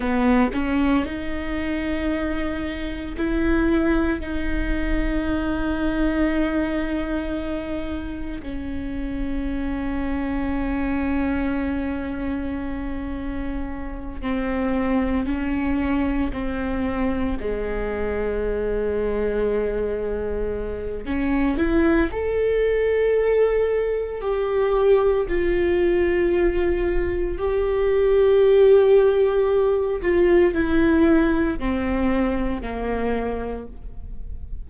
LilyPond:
\new Staff \with { instrumentName = "viola" } { \time 4/4 \tempo 4 = 57 b8 cis'8 dis'2 e'4 | dis'1 | cis'1~ | cis'4. c'4 cis'4 c'8~ |
c'8 gis2.~ gis8 | cis'8 e'8 a'2 g'4 | f'2 g'2~ | g'8 f'8 e'4 c'4 ais4 | }